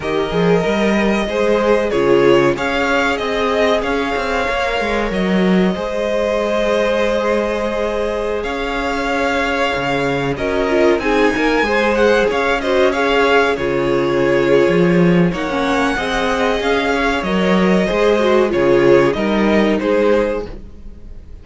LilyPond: <<
  \new Staff \with { instrumentName = "violin" } { \time 4/4 \tempo 4 = 94 dis''2. cis''4 | f''4 dis''4 f''2 | dis''1~ | dis''4~ dis''16 f''2~ f''8.~ |
f''16 dis''4 gis''4. fis''8 f''8 dis''16~ | dis''16 f''4 cis''2~ cis''8. | fis''2 f''4 dis''4~ | dis''4 cis''4 dis''4 c''4 | }
  \new Staff \with { instrumentName = "violin" } { \time 4/4 ais'2 c''4 gis'4 | cis''4 dis''4 cis''2~ | cis''4 c''2.~ | c''4~ c''16 cis''2~ cis''8.~ |
cis''16 ais'4 gis'8 ais'8 c''4 cis''8 c''16~ | c''16 cis''4 gis'2~ gis'8. | cis''4 dis''4. cis''4. | c''4 gis'4 ais'4 gis'4 | }
  \new Staff \with { instrumentName = "viola" } { \time 4/4 g'8 gis'8 ais'4 gis'4 f'4 | gis'2. ais'4~ | ais'4 gis'2.~ | gis'1~ |
gis'16 fis'8 f'8 dis'4 gis'4. fis'16~ | fis'16 gis'4 f'2~ f'8. | dis'16 cis'8. gis'2 ais'4 | gis'8 fis'8 f'4 dis'2 | }
  \new Staff \with { instrumentName = "cello" } { \time 4/4 dis8 f8 g4 gis4 cis4 | cis'4 c'4 cis'8 c'8 ais8 gis8 | fis4 gis2.~ | gis4~ gis16 cis'2 cis8.~ |
cis16 cis'4 c'8 ais8 gis4 cis'8.~ | cis'4~ cis'16 cis4.~ cis16 f4 | ais4 c'4 cis'4 fis4 | gis4 cis4 g4 gis4 | }
>>